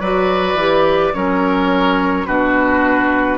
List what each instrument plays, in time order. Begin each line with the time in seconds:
0.00 bassoon F#3, clarinet F#4, oboe B4, flute D5
0.54 bassoon E3, clarinet G4
1.14 bassoon F#3, clarinet C#4, oboe A#4, flute C#5
2.26 bassoon B2, clarinet D4, oboe F#4, flute B4